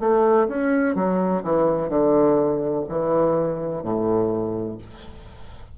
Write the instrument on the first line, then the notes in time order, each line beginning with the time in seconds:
bassoon
0.00 A3
0.48 C#4
0.96 F#3
1.44 E3
1.90 D3
2.89 E3
3.83 A2